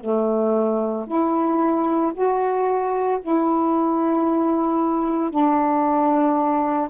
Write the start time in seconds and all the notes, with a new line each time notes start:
0.00 A3
1.07 E4
2.14 F#4
3.22 E4
5.30 D4